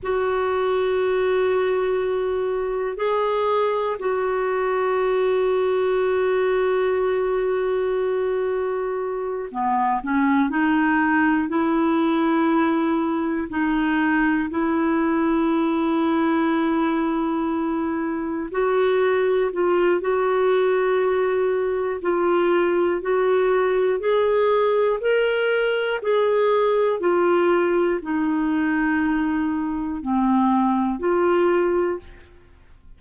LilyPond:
\new Staff \with { instrumentName = "clarinet" } { \time 4/4 \tempo 4 = 60 fis'2. gis'4 | fis'1~ | fis'4. b8 cis'8 dis'4 e'8~ | e'4. dis'4 e'4.~ |
e'2~ e'8 fis'4 f'8 | fis'2 f'4 fis'4 | gis'4 ais'4 gis'4 f'4 | dis'2 c'4 f'4 | }